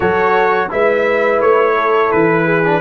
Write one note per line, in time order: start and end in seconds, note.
0.00 0.70 F#3
0.00 0.69 F#4
0.00 0.70 A4
0.00 0.70 C#5
0.69 1.40 G#3
0.69 2.64 E4
0.69 1.75 B4
0.69 1.41 E5
1.40 2.11 A3
1.40 2.11 C#5
1.75 2.45 A4
2.11 2.81 E3
2.11 2.81 B4
2.45 2.80 G#4
2.65 2.81 D4